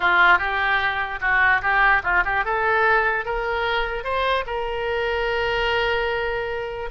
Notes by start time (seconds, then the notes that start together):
0.00 F4
0.38 G4
1.21 F#4
1.61 G4
2.03 F4
2.24 G4
2.45 A4
3.25 A#4
4.03 C5
4.46 A#4